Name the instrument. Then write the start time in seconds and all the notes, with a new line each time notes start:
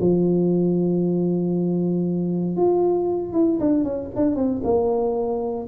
tuba
0.00 F3
2.56 F4
3.33 E4
3.60 D4
3.83 C#4
4.15 D4
4.35 C4
4.63 A#3